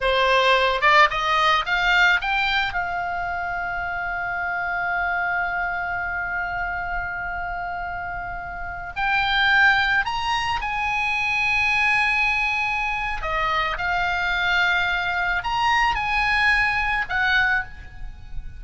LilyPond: \new Staff \with { instrumentName = "oboe" } { \time 4/4 \tempo 4 = 109 c''4. d''8 dis''4 f''4 | g''4 f''2.~ | f''1~ | f''1~ |
f''16 g''2 ais''4 gis''8.~ | gis''1 | dis''4 f''2. | ais''4 gis''2 fis''4 | }